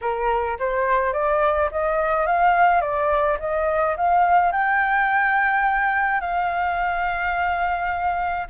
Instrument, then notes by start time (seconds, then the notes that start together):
flute
0.01 A#4
0.59 C5
1.13 D5
1.71 D#5
2.26 F5
2.81 D5
3.39 D#5
3.96 F5
4.52 G5
6.21 F5